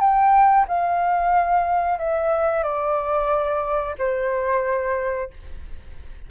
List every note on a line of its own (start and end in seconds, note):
0.00 0.66 G5
0.68 1.99 F5
1.99 2.63 E5
2.63 3.95 D5
3.99 5.30 C5